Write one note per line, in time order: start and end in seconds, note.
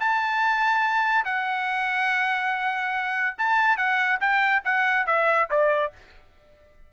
0.00 1.24 A5
1.24 3.36 F#5
3.38 3.77 A5
3.77 4.19 F#5
4.20 4.62 G5
4.64 5.06 F#5
5.06 5.49 E5
5.50 5.93 D5